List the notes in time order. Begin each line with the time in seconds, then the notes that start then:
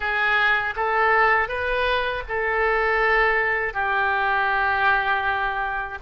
0.00 G#4
0.76 A4
1.48 B4
2.28 A4
3.73 G4